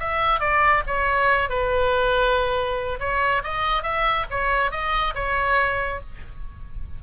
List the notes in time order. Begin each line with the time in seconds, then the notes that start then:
0.00 E5
0.40 D5
0.87 C#5
1.49 B4
3.00 C#5
3.44 D#5
3.83 E5
4.31 C#5
4.71 D#5
5.15 C#5